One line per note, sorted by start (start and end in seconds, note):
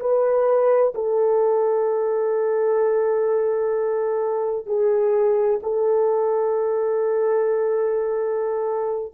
0.00 0.94 B4
0.95 4.67 A4
4.67 5.60 G#4
5.63 9.14 A4